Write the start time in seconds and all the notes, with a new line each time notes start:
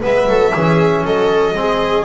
0.00 G#3 B3 B4 E5
0.26 F#3 A4
0.52 E3 C#4 G#4
1.04 F#3 A4 D#5
1.54 G#3 C4 G#4